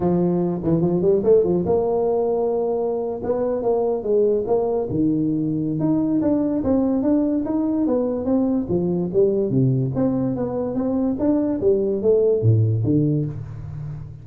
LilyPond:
\new Staff \with { instrumentName = "tuba" } { \time 4/4 \tempo 4 = 145 f4. e8 f8 g8 a8 f8 | ais2.~ ais8. b16~ | b8. ais4 gis4 ais4 dis16~ | dis2 dis'4 d'4 |
c'4 d'4 dis'4 b4 | c'4 f4 g4 c4 | c'4 b4 c'4 d'4 | g4 a4 a,4 d4 | }